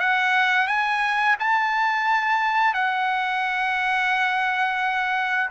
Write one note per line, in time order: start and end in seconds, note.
0.00 0.67 F#5
0.67 1.36 G#5
1.39 2.74 A5
2.74 5.50 F#5